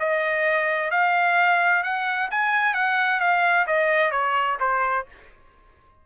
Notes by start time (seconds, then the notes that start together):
0.00 D#5
0.91 F5
1.83 F#5
2.31 G#5
2.74 F#5
3.20 F5
3.67 D#5
4.12 C#5
4.60 C5